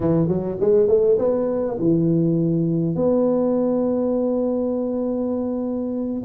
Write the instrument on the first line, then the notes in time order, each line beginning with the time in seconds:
tuba
0.00 E3
0.28 F#3
0.60 G#3
0.88 A3
1.18 B3
1.79 E3
2.95 B3